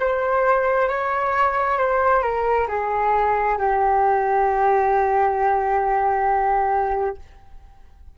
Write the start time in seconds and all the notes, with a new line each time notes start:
0.00 C5
0.89 C#5
1.79 C5
2.23 A#4
2.69 G#4
3.58 G4